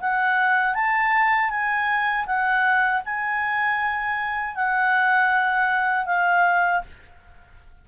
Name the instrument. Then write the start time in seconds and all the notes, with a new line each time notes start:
clarinet
0.00 F#5
0.74 A5
1.49 G#5
2.26 F#5
3.05 G#5
4.55 F#5
6.06 F5